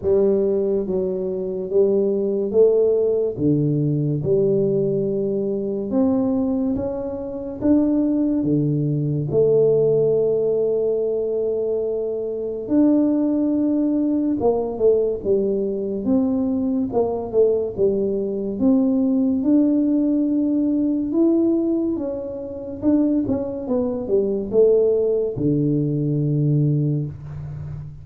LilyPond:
\new Staff \with { instrumentName = "tuba" } { \time 4/4 \tempo 4 = 71 g4 fis4 g4 a4 | d4 g2 c'4 | cis'4 d'4 d4 a4~ | a2. d'4~ |
d'4 ais8 a8 g4 c'4 | ais8 a8 g4 c'4 d'4~ | d'4 e'4 cis'4 d'8 cis'8 | b8 g8 a4 d2 | }